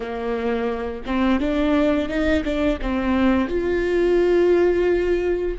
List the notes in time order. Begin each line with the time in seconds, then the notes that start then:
0.00 A#3
1.06 C4
1.40 D4
2.08 D#4
2.44 D4
2.81 C4
3.48 F4